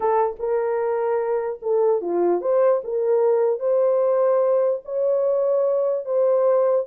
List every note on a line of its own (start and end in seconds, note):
0.00 0.36 A4
0.39 1.59 A#4
1.62 2.01 A4
2.01 2.41 F4
2.41 2.81 C5
2.84 3.59 A#4
3.59 4.80 C5
4.84 6.05 C#5
6.05 6.85 C5